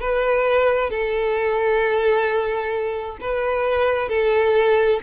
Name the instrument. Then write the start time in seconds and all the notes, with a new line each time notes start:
violin
0.00 B4
0.90 A4
3.21 B4
4.09 A4